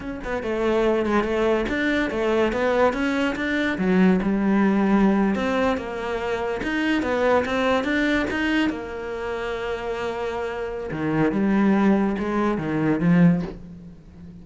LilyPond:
\new Staff \with { instrumentName = "cello" } { \time 4/4 \tempo 4 = 143 cis'8 b8 a4. gis8 a4 | d'4 a4 b4 cis'4 | d'4 fis4 g2~ | g8. c'4 ais2 dis'16~ |
dis'8. b4 c'4 d'4 dis'16~ | dis'8. ais2.~ ais16~ | ais2 dis4 g4~ | g4 gis4 dis4 f4 | }